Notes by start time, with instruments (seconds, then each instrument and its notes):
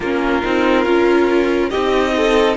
0.00 cello A#3, viola C#4, violin F4 A#4
0.42 cello C4, viola D#4
0.84 cello C#4, viola F4
1.69 cello C4, viola D#4, violin G4 D#5
2.16 violin A4